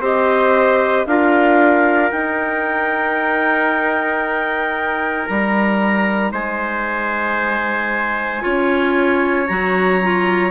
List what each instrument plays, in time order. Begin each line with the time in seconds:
0.00 bassoon C4, clarinet G4 D#5, trumpet C5
1.07 bassoon D4, clarinet F4 F5, trumpet A#4
2.11 bassoon D#4, clarinet D#4 G5
5.27 bassoon G3, clarinet A#5
6.32 bassoon G#3, trumpet C5, clarinet G#5
8.41 bassoon C#4, clarinet F4, trumpet C#5
9.48 bassoon F#3, clarinet F#4 A#5
10.04 clarinet F4